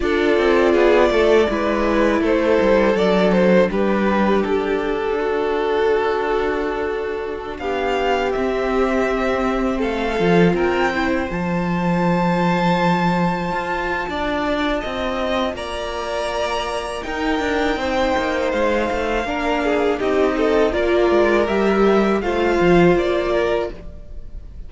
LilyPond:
<<
  \new Staff \with { instrumentName = "violin" } { \time 4/4 \tempo 4 = 81 d''2. c''4 | d''8 c''8 b'4 a'2~ | a'2~ a'16 f''4 e''8.~ | e''4~ e''16 f''4 g''4 a''8.~ |
a''1~ | a''4 ais''2 g''4~ | g''4 f''2 dis''4 | d''4 e''4 f''4 d''4 | }
  \new Staff \with { instrumentName = "violin" } { \time 4/4 a'4 gis'8 a'8 b'4 a'4~ | a'4 g'2 fis'4~ | fis'2~ fis'16 g'4.~ g'16~ | g'4~ g'16 a'4 ais'8 c''4~ c''16~ |
c''2. d''4 | dis''4 d''2 ais'4 | c''2 ais'8 gis'8 g'8 a'8 | ais'2 c''4. ais'8 | }
  \new Staff \with { instrumentName = "viola" } { \time 4/4 f'2 e'2 | d'1~ | d'2.~ d'16 c'8.~ | c'4.~ c'16 f'4 e'8 f'8.~ |
f'1~ | f'2. dis'4~ | dis'2 d'4 dis'4 | f'4 g'4 f'2 | }
  \new Staff \with { instrumentName = "cello" } { \time 4/4 d'8 c'8 b8 a8 gis4 a8 g8 | fis4 g4 d'2~ | d'2~ d'16 b4 c'8.~ | c'4~ c'16 a8 f8 c'4 f8.~ |
f2~ f16 f'8. d'4 | c'4 ais2 dis'8 d'8 | c'8 ais8 gis8 a8 ais4 c'4 | ais8 gis8 g4 a8 f8 ais4 | }
>>